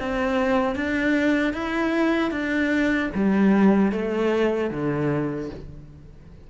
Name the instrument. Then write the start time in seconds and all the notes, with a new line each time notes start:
cello
0.00 C4
0.76 D4
1.53 E4
2.31 D4
3.15 G3
3.92 A3
4.71 D3